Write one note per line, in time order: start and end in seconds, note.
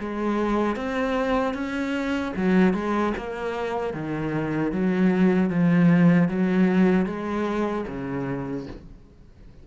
0.00 0.76 G#3
0.76 1.54 C4
1.54 2.33 C#4
2.37 2.74 F#3
2.74 3.14 G#3
3.17 3.94 A#3
3.94 4.72 D#3
4.72 5.50 F#3
5.50 6.29 F3
6.29 7.06 F#3
7.06 7.85 G#3
7.88 8.67 C#3